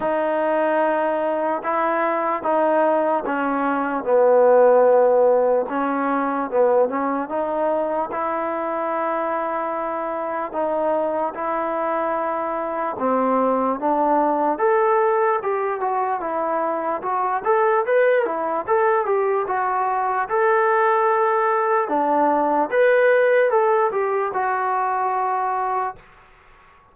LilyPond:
\new Staff \with { instrumentName = "trombone" } { \time 4/4 \tempo 4 = 74 dis'2 e'4 dis'4 | cis'4 b2 cis'4 | b8 cis'8 dis'4 e'2~ | e'4 dis'4 e'2 |
c'4 d'4 a'4 g'8 fis'8 | e'4 fis'8 a'8 b'8 e'8 a'8 g'8 | fis'4 a'2 d'4 | b'4 a'8 g'8 fis'2 | }